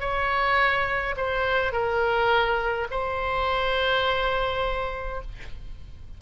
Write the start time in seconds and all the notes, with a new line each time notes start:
0.00 C#5
1.17 C5
1.73 A#4
2.91 C5